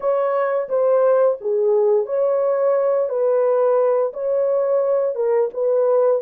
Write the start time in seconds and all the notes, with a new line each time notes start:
0.00 C#5
0.68 C5
1.40 G#4
2.06 C#5
3.08 B4
4.13 C#5
5.15 A#4
5.53 B4